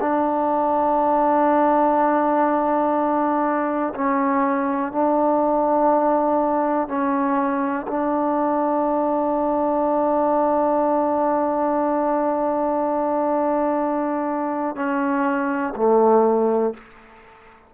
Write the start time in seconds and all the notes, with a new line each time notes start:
0.00 D4
3.94 C#4
4.91 D4
6.88 C#4
7.87 D4
14.75 C#4
15.76 A3